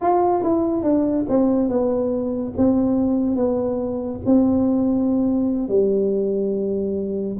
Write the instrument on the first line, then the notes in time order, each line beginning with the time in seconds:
tuba
0.01 F4
0.43 E4
0.83 D4
1.29 C4
1.68 B3
2.57 C4
3.36 B3
4.25 C4
5.68 G3